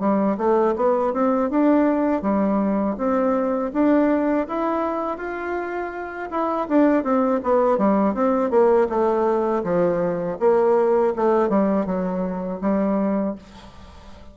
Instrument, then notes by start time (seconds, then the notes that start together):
bassoon
0.00 G3
0.38 A3
0.76 B3
1.13 C4
1.50 D4
2.22 G3
2.98 C4
3.73 D4
4.48 E4
5.18 F4
6.31 E4
6.68 D4
7.04 C4
7.43 B3
7.78 G3
8.14 C4
8.51 A#3
8.90 A3
9.64 F3
10.40 A#3
11.16 A3
11.49 G3
11.86 F#3
12.61 G3